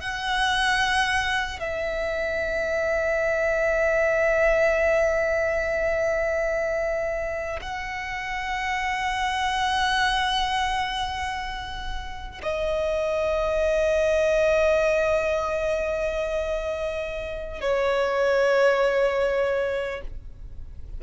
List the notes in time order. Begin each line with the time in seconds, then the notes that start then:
0.00 F#5
1.59 E5
7.61 F#5
12.43 D#5
17.61 C#5